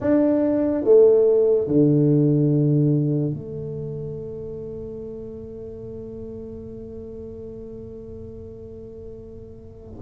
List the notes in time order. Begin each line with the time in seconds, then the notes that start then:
0.00 D4
0.84 A3
1.67 D3
3.33 A3